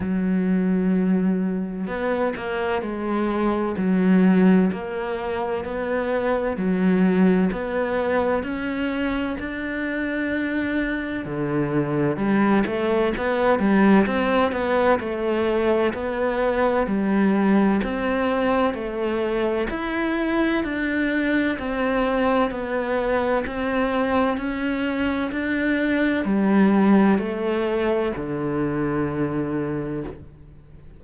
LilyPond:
\new Staff \with { instrumentName = "cello" } { \time 4/4 \tempo 4 = 64 fis2 b8 ais8 gis4 | fis4 ais4 b4 fis4 | b4 cis'4 d'2 | d4 g8 a8 b8 g8 c'8 b8 |
a4 b4 g4 c'4 | a4 e'4 d'4 c'4 | b4 c'4 cis'4 d'4 | g4 a4 d2 | }